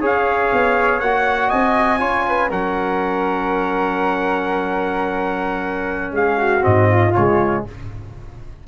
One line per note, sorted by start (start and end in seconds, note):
0.00 0.51 C#4
0.00 1.01 G#4
0.00 1.48 C#5
0.00 1.00 F5
0.52 1.01 B3
1.00 1.51 A#3
1.00 1.98 F#4
1.00 1.50 F#5
1.48 2.01 C4
1.48 1.98 D#5
1.48 2.50 G#5
1.98 2.51 C#4
1.98 2.48 F4
1.98 2.24 C#5
2.28 2.49 B4
2.49 6.11 F#3
2.49 6.60 C#4
2.49 6.12 A#4
2.49 6.14 F#5
6.11 6.61 G#3
6.11 6.38 G#4
6.11 6.64 F5
6.38 6.88 F#4
6.60 7.15 G#2
6.60 7.10 C4
6.60 7.14 D#5
6.89 7.64 F4
7.14 7.66 C#3
7.14 7.67 G#3
7.14 7.64 C#5